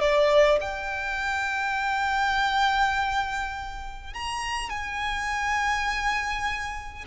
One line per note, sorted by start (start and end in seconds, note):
0.00 0.59 D5
0.60 4.13 G5
4.13 4.69 A#5
4.69 7.05 G#5